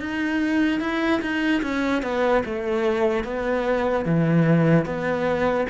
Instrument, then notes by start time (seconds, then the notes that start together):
cello
0.00 D#4
0.80 E4
1.21 D#4
1.62 C#4
2.02 B3
2.45 A3
3.24 B3
4.05 E3
4.85 B3